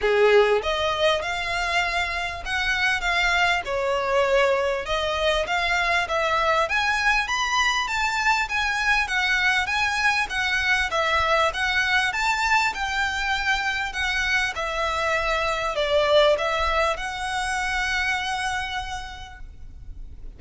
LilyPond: \new Staff \with { instrumentName = "violin" } { \time 4/4 \tempo 4 = 99 gis'4 dis''4 f''2 | fis''4 f''4 cis''2 | dis''4 f''4 e''4 gis''4 | b''4 a''4 gis''4 fis''4 |
gis''4 fis''4 e''4 fis''4 | a''4 g''2 fis''4 | e''2 d''4 e''4 | fis''1 | }